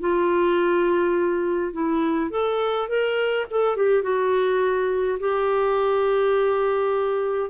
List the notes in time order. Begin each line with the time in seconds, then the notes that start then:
0.00 F4
1.73 E4
2.30 A4
2.88 A#4
3.50 A4
3.76 G4
4.03 F#4
5.19 G4